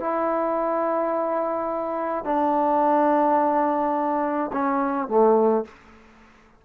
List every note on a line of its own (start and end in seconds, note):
0.00 2.25 E4
2.25 4.52 D4
4.53 5.08 C#4
5.08 5.65 A3